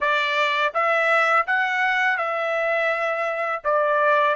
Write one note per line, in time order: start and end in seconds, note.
0.00 0.73 D5
0.74 1.46 E5
1.47 2.17 F#5
2.17 3.61 E5
3.64 4.35 D5